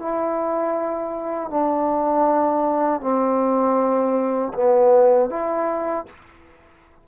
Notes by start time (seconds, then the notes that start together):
0.00 E4
1.51 D4
3.01 C4
4.54 B3
5.30 E4